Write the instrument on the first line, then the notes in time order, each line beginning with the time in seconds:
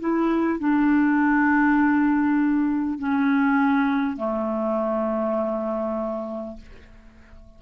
clarinet
0.00 E4
0.59 D4
2.99 C#4
4.17 A3